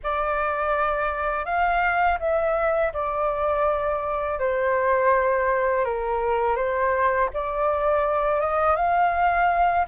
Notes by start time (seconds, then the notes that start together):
0.03 D5
1.45 F5
2.19 E5
2.93 D5
4.39 C5
5.84 A#4
6.56 C5
7.33 D5
8.40 D#5
8.76 F5